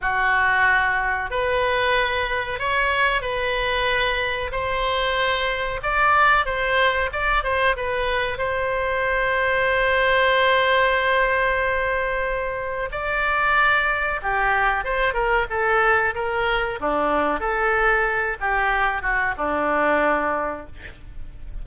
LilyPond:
\new Staff \with { instrumentName = "oboe" } { \time 4/4 \tempo 4 = 93 fis'2 b'2 | cis''4 b'2 c''4~ | c''4 d''4 c''4 d''8 c''8 | b'4 c''2.~ |
c''1 | d''2 g'4 c''8 ais'8 | a'4 ais'4 d'4 a'4~ | a'8 g'4 fis'8 d'2 | }